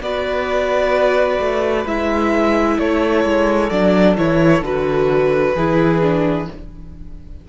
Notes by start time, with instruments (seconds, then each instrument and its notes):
0.00 cello B3, viola F#4, violin B4 D5
1.39 cello A3
1.85 cello G#3, viola E4, violin E5
2.78 cello A3, violin A4 C#5
3.24 cello G#3
3.70 cello F#3, viola D4, violin D5
4.17 cello E3, viola E4, violin C#5
4.61 cello D3, viola F#4, violin B4
5.55 cello E3, viola E4, violin G#4
6.01 viola D4